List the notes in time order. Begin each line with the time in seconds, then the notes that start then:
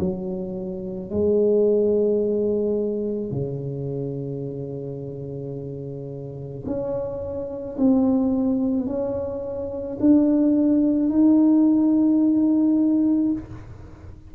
0.00 F#3
1.11 G#3
3.31 C#3
6.67 C#4
7.78 C4
8.87 C#4
10.01 D4
11.10 D#4